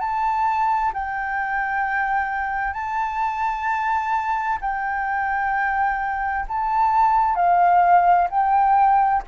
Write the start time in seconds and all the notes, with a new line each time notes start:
0.00 A5
0.94 G5
2.74 A5
4.61 G5
6.48 A5
7.36 F5
8.30 G5